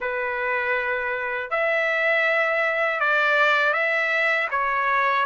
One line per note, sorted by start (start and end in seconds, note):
0.00 1.50 B4
1.50 3.00 E5
3.00 3.73 D5
3.73 4.48 E5
4.50 5.25 C#5